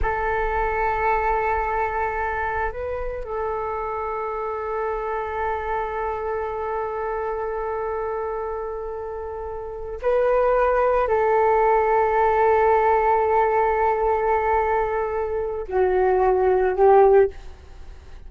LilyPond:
\new Staff \with { instrumentName = "flute" } { \time 4/4 \tempo 4 = 111 a'1~ | a'4 b'4 a'2~ | a'1~ | a'1~ |
a'2~ a'8 b'4.~ | b'8 a'2.~ a'8~ | a'1~ | a'4 fis'2 g'4 | }